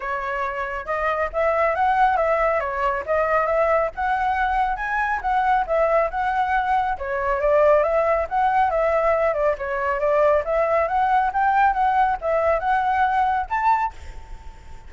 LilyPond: \new Staff \with { instrumentName = "flute" } { \time 4/4 \tempo 4 = 138 cis''2 dis''4 e''4 | fis''4 e''4 cis''4 dis''4 | e''4 fis''2 gis''4 | fis''4 e''4 fis''2 |
cis''4 d''4 e''4 fis''4 | e''4. d''8 cis''4 d''4 | e''4 fis''4 g''4 fis''4 | e''4 fis''2 a''4 | }